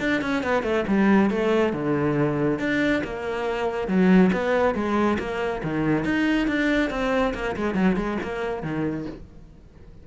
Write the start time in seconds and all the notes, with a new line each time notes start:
0.00 D4
0.22 C#4
0.43 B3
0.63 A3
0.88 G3
1.30 A3
1.73 D3
2.59 D4
3.04 A#3
3.88 F#3
4.33 B3
4.75 G#3
5.19 A#3
5.64 D#3
6.05 D#4
6.48 D4
6.91 C4
7.34 A#3
7.57 G#3
7.75 F#3
7.97 G#3
8.23 A#3
8.63 D#3